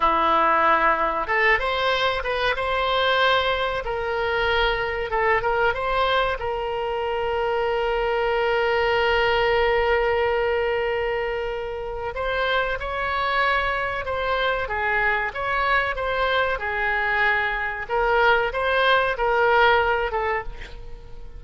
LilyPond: \new Staff \with { instrumentName = "oboe" } { \time 4/4 \tempo 4 = 94 e'2 a'8 c''4 b'8 | c''2 ais'2 | a'8 ais'8 c''4 ais'2~ | ais'1~ |
ais'2. c''4 | cis''2 c''4 gis'4 | cis''4 c''4 gis'2 | ais'4 c''4 ais'4. a'8 | }